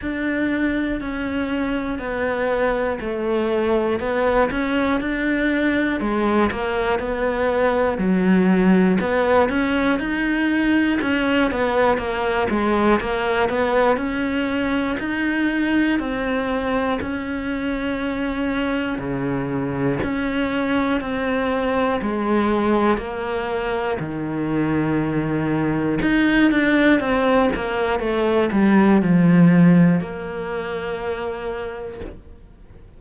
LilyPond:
\new Staff \with { instrumentName = "cello" } { \time 4/4 \tempo 4 = 60 d'4 cis'4 b4 a4 | b8 cis'8 d'4 gis8 ais8 b4 | fis4 b8 cis'8 dis'4 cis'8 b8 | ais8 gis8 ais8 b8 cis'4 dis'4 |
c'4 cis'2 cis4 | cis'4 c'4 gis4 ais4 | dis2 dis'8 d'8 c'8 ais8 | a8 g8 f4 ais2 | }